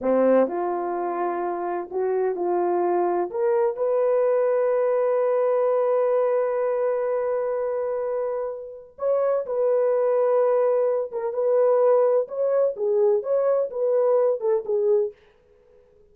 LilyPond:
\new Staff \with { instrumentName = "horn" } { \time 4/4 \tempo 4 = 127 c'4 f'2. | fis'4 f'2 ais'4 | b'1~ | b'1~ |
b'2. cis''4 | b'2.~ b'8 ais'8 | b'2 cis''4 gis'4 | cis''4 b'4. a'8 gis'4 | }